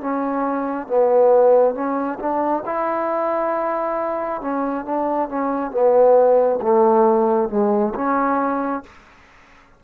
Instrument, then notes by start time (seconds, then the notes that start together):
trombone
0.00 C#4
0.87 B3
1.74 C#4
2.19 D4
2.65 E4
4.41 C#4
4.85 D4
5.29 C#4
5.71 B3
6.61 A3
7.49 G#3
7.95 C#4